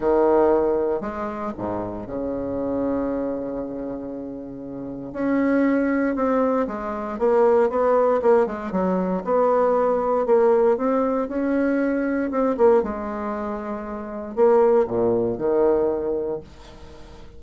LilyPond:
\new Staff \with { instrumentName = "bassoon" } { \time 4/4 \tempo 4 = 117 dis2 gis4 gis,4 | cis1~ | cis2 cis'2 | c'4 gis4 ais4 b4 |
ais8 gis8 fis4 b2 | ais4 c'4 cis'2 | c'8 ais8 gis2. | ais4 ais,4 dis2 | }